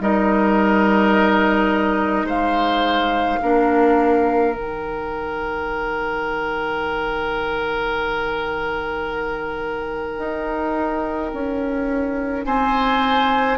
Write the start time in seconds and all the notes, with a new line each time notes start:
0.00 G3 D#4 A#4 D#5
2.24 G#3 C5 F5
3.42 A#3 D4 A#4
4.55 D#3 D#4 G5
10.18 D#4
11.34 C#4
12.45 C4 C5 G#5